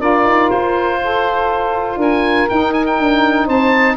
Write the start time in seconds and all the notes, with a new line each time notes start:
0.00 D4 F4 A#4 D5
0.25 D#4
0.50 F4 C5
1.04 A4
1.97 D4 A#4 G#5
2.49 D#4 G5
2.73 G#5
2.86 G5
3.00 D4
3.46 C4 C5 A5